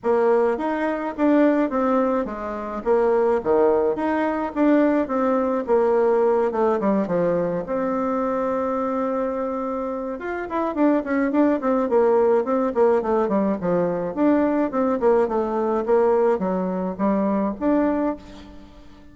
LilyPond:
\new Staff \with { instrumentName = "bassoon" } { \time 4/4 \tempo 4 = 106 ais4 dis'4 d'4 c'4 | gis4 ais4 dis4 dis'4 | d'4 c'4 ais4. a8 | g8 f4 c'2~ c'8~ |
c'2 f'8 e'8 d'8 cis'8 | d'8 c'8 ais4 c'8 ais8 a8 g8 | f4 d'4 c'8 ais8 a4 | ais4 fis4 g4 d'4 | }